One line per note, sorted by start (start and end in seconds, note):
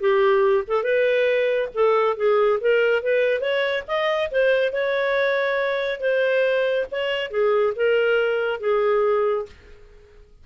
0.00 0.64 G4
0.67 0.83 A4
0.83 1.69 B4
1.74 2.17 A4
2.17 2.59 G#4
2.61 3.03 A#4
3.03 3.41 B4
3.41 3.84 C#5
3.87 4.30 D#5
4.31 4.73 C5
4.73 6.00 C#5
6.00 6.86 C5
6.92 7.31 C#5
7.31 7.73 G#4
7.76 8.60 A#4
8.60 9.46 G#4